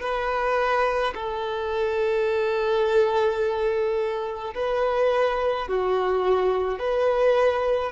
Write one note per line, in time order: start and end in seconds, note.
0.00 1.13 B4
1.14 4.54 A4
4.54 5.68 B4
5.68 6.79 F#4
6.79 7.91 B4